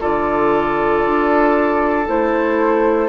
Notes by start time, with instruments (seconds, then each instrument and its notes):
0.00 bassoon D3, clarinet F4, oboe A4, flute D5
1.05 bassoon D4
2.06 bassoon A3, clarinet E4, flute C5